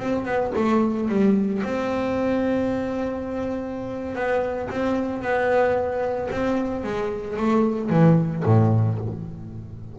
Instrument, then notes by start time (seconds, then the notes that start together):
double bass
0.00 C4
0.25 B3
0.56 A3
1.09 G3
1.64 C4
4.16 B3
4.70 C4
5.22 B3
6.31 C4
6.84 G#3
7.37 A3
7.90 E3
8.45 A2